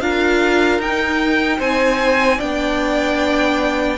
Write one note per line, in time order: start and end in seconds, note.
0.00 0.79 D4
0.00 0.81 F4
0.00 1.58 A#4
0.00 0.80 F5
0.79 1.59 D#4
0.79 2.39 D#4
0.79 1.61 G5
1.58 2.39 C4
1.58 2.37 C5
1.58 2.40 G#5
2.37 3.97 B3
2.37 3.97 D4
2.37 3.97 D5
2.37 3.97 G5